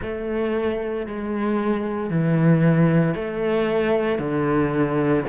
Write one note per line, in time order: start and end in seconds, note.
0.01 1.06 A3
1.06 2.10 G#3
2.10 3.14 E3
3.14 4.18 A3
4.18 5.23 D3